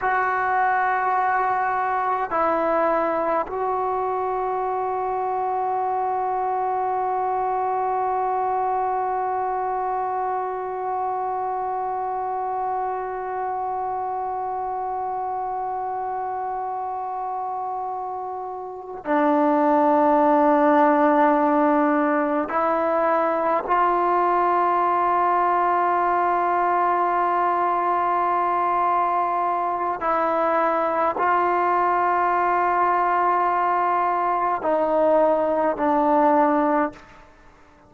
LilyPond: \new Staff \with { instrumentName = "trombone" } { \time 4/4 \tempo 4 = 52 fis'2 e'4 fis'4~ | fis'1~ | fis'1~ | fis'1~ |
fis'8 d'2. e'8~ | e'8 f'2.~ f'8~ | f'2 e'4 f'4~ | f'2 dis'4 d'4 | }